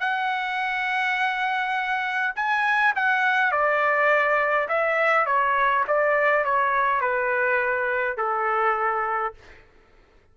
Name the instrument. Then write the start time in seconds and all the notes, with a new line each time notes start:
trumpet
0.00 F#5
2.36 G#5
2.95 F#5
3.51 D5
4.68 E5
5.26 C#5
5.88 D5
6.44 C#5
7.01 B4
8.17 A4